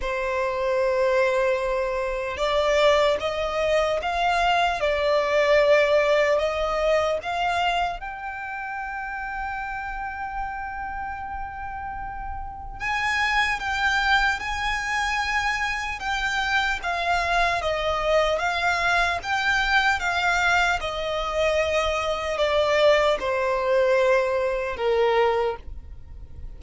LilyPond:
\new Staff \with { instrumentName = "violin" } { \time 4/4 \tempo 4 = 75 c''2. d''4 | dis''4 f''4 d''2 | dis''4 f''4 g''2~ | g''1 |
gis''4 g''4 gis''2 | g''4 f''4 dis''4 f''4 | g''4 f''4 dis''2 | d''4 c''2 ais'4 | }